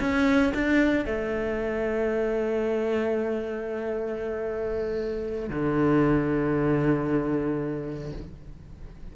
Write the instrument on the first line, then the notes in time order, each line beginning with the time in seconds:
cello
0.00 C#4
0.55 D4
1.06 A3
5.50 D3